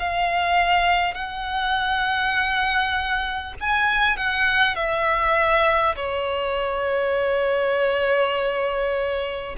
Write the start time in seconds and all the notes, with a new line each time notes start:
0.00 F5
1.15 F#5
3.61 G#5
4.17 F#5
4.76 E5
5.96 C#5